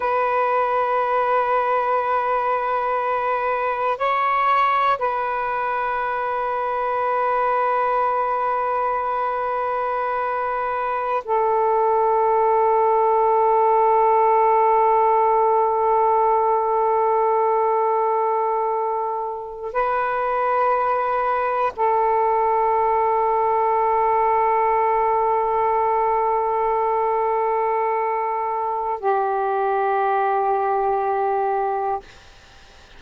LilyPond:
\new Staff \with { instrumentName = "saxophone" } { \time 4/4 \tempo 4 = 60 b'1 | cis''4 b'2.~ | b'2.~ b'16 a'8.~ | a'1~ |
a'2.~ a'8. b'16~ | b'4.~ b'16 a'2~ a'16~ | a'1~ | a'4 g'2. | }